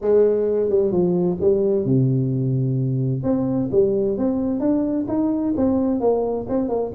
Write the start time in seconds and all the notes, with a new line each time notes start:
0.01 G#3
0.69 G3
0.91 F3
1.40 G3
1.85 C3
3.23 C4
3.71 G3
4.17 C4
4.59 D4
5.07 D#4
5.56 C4
6.00 A#3
6.48 C4
6.68 A#3